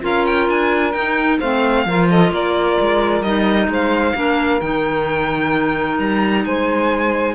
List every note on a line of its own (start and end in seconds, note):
0.00 0.49 C#4
0.00 0.92 F4
0.00 1.39 A#4
0.00 0.26 F5
0.26 0.49 G5
0.49 0.94 D4
0.49 0.92 G#5
0.92 1.39 D#4
0.92 1.41 D#4
0.92 1.37 G5
1.39 1.85 A3
1.39 1.87 C4
1.39 1.85 C5
1.39 2.08 F5
1.85 2.31 F3
1.85 3.24 F4
1.85 2.08 A#4
2.08 2.31 A4
2.08 2.33 D#5
2.31 2.77 A#3
2.31 3.68 A#4
2.31 3.22 D5
2.80 3.21 G#3
3.21 3.67 G3
3.21 4.15 D#4
3.21 3.68 D#5
3.67 4.13 G#3
3.67 4.15 C5
3.73 4.61 F5
4.15 4.60 A#3
4.15 4.60 D4
4.15 6.44 A#4
4.61 5.98 D#3
4.61 7.34 D#4
4.61 5.98 G5
5.99 6.44 G3
5.99 6.45 A#5
6.45 7.34 G#3
6.45 7.34 C5
6.45 7.34 G#5